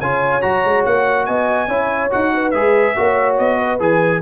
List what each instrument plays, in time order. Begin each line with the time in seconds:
0.00 tuba C#3, trombone F4, horn C#5, trumpet G#5
0.41 tuba F#3, trombone F#4, trumpet A#5
0.64 tuba G#3
0.85 tuba A#3, trumpet F#5
1.26 tuba B3, horn D#5, trumpet G#5
1.68 tuba C#4, trombone E4, horn C#5
2.10 tuba D#4, trombone F#4, trumpet F#5
2.34 horn B4
2.50 tuba G#3, trombone G#4, trumpet E5
2.96 tuba A#3, trombone F#4, horn C#5
3.37 tuba B3, trumpet D#5
3.58 horn B4
3.79 tuba E3, trombone G#4, trumpet G#5